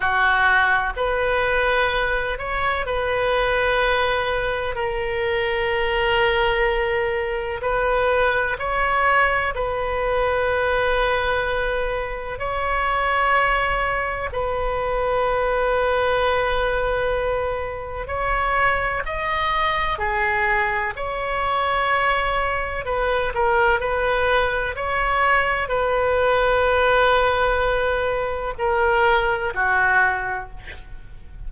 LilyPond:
\new Staff \with { instrumentName = "oboe" } { \time 4/4 \tempo 4 = 63 fis'4 b'4. cis''8 b'4~ | b'4 ais'2. | b'4 cis''4 b'2~ | b'4 cis''2 b'4~ |
b'2. cis''4 | dis''4 gis'4 cis''2 | b'8 ais'8 b'4 cis''4 b'4~ | b'2 ais'4 fis'4 | }